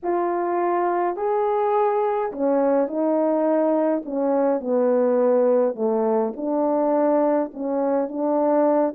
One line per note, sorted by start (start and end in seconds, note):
0.02 1.16 F4
1.16 2.31 G#4
2.32 2.87 C#4
2.87 4.03 D#4
4.05 4.60 C#4
4.60 5.75 B3
5.75 6.33 A3
6.36 7.51 D4
7.53 8.08 C#4
8.08 8.94 D4